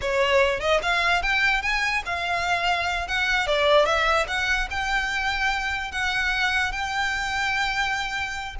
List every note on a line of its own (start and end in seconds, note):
0.01 0.60 C#5
0.60 0.80 D#5
0.82 1.22 F5
1.22 1.62 G5
1.62 2.02 G#5
2.05 3.07 F5
3.07 3.47 F#5
3.47 3.85 D5
3.85 4.26 E5
4.27 4.68 F#5
4.70 5.91 G5
5.91 6.71 F#5
6.71 8.55 G5